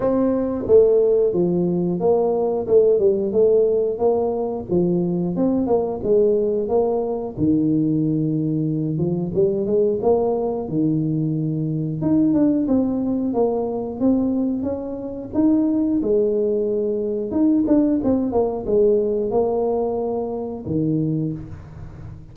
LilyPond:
\new Staff \with { instrumentName = "tuba" } { \time 4/4 \tempo 4 = 90 c'4 a4 f4 ais4 | a8 g8 a4 ais4 f4 | c'8 ais8 gis4 ais4 dis4~ | dis4. f8 g8 gis8 ais4 |
dis2 dis'8 d'8 c'4 | ais4 c'4 cis'4 dis'4 | gis2 dis'8 d'8 c'8 ais8 | gis4 ais2 dis4 | }